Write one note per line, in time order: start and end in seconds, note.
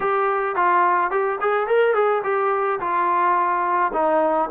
0.00 0.55 G4
0.55 1.11 F4
1.11 1.39 G4
1.40 1.67 G#4
1.67 1.94 A#4
1.94 2.22 G#4
2.23 2.79 G4
2.79 3.92 F4
3.93 4.49 D#4